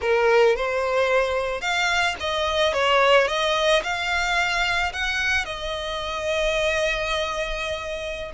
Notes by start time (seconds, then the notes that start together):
0.01 A#4
0.56 C5
1.61 F5
2.20 D#5
2.73 C#5
3.27 D#5
3.83 F5
4.92 F#5
5.45 D#5